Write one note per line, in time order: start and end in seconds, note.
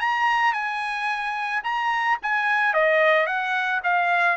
0.00 0.53 A#5
0.53 1.62 G#5
1.64 2.18 A#5
2.22 2.73 G#5
2.73 3.26 D#5
3.26 3.81 F#5
3.84 4.37 F5